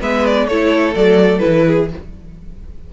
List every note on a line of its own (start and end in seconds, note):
0.00 0.48 G#3
0.00 0.48 B3
0.00 0.47 B4
0.00 0.26 E5
0.26 0.48 D5
0.48 0.95 A3
0.48 0.95 E4
0.48 1.66 A4
0.48 0.95 C#5
0.95 1.42 F#3
0.95 1.40 A3
0.95 1.39 D5
1.39 1.87 E4
1.39 1.86 B4
1.46 1.93 E3
1.67 1.90 G#4